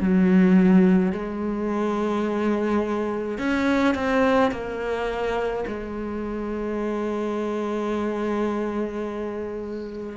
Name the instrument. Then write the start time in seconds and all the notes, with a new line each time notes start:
cello
0.00 F#3
1.12 G#3
3.38 C#4
3.95 C4
4.51 A#3
5.68 G#3